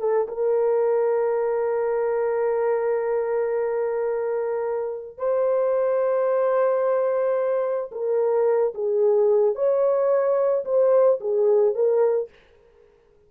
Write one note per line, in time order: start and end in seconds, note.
0.00 0.27 A4
0.28 5.18 A#4
5.18 7.90 C5
7.92 8.73 A#4
8.74 9.55 G#4
9.55 10.64 C#5
10.65 11.20 C5
11.21 11.75 G#4
11.75 12.30 A#4